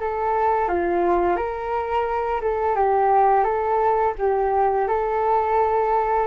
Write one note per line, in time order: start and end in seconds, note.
0.00 0.68 A4
0.68 1.36 F4
1.36 2.41 A#4
2.41 2.75 A4
2.75 3.44 G4
3.44 4.14 A4
4.18 4.88 G4
4.88 6.27 A4